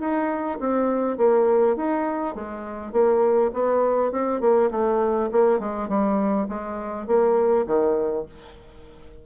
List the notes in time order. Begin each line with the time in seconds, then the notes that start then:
0.00 D#4
0.60 C4
1.18 A#3
1.76 D#4
2.35 G#3
2.92 A#3
3.53 B3
4.12 C4
4.41 A#3
4.71 A3
5.32 A#3
5.60 G#3
5.89 G3
6.49 G#3
7.07 A#3
7.67 D#3